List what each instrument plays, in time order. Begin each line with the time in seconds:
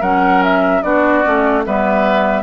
0.00 bassoon F#3, clarinet C#4, oboe A#4, flute F#5
0.43 flute E5
0.82 bassoon B3, clarinet D4, oboe F#4, flute D5
1.23 bassoon A3, clarinet C#4
1.64 bassoon G3, clarinet B3, oboe B4, flute E5